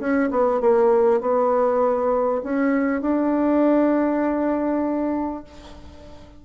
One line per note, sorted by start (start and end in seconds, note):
0.00 0.30 C#4
0.31 0.61 B3
0.61 1.21 A#3
1.21 2.42 B3
2.44 3.02 C#4
3.02 5.44 D4